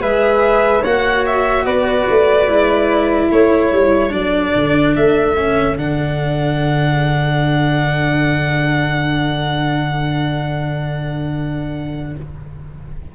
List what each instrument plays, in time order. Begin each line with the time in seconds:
0.00 tuba G#3, cello G#4, flute B4, violin E5
0.82 tuba A#3, cello F#4, flute C#5, violin F#5
1.26 violin E5
1.65 tuba B3, flute B4, violin D5
2.09 tuba A3
2.48 tuba G#3, cello E4
3.28 tuba A3, flute A4, violin C#5
3.72 tuba G3
4.09 tuba F#3, cello D4, violin D5
4.55 tuba D3
4.96 tuba A3, violin E5
5.37 cello C#4
5.78 tuba D3, cello D4, violin F#5